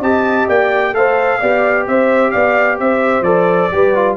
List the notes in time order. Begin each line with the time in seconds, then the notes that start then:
0.00 C4 G4 D#5 A5
0.48 A#3 D5 G5
0.93 A3 A4 C5 F5
1.40 B3 G4 D5
1.86 C4 C5 E5
2.31 B3 D5 F5
2.79 C4 C5 E5
3.21 F3 A4 D5
3.71 G3 G4 B4
3.94 F4